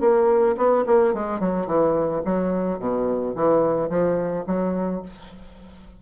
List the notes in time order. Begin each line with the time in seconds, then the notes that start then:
0.00 A#3
0.57 B3
0.86 A#3
1.13 G#3
1.39 F#3
1.66 E3
2.25 F#3
2.79 B2
3.35 E3
3.89 F3
4.46 F#3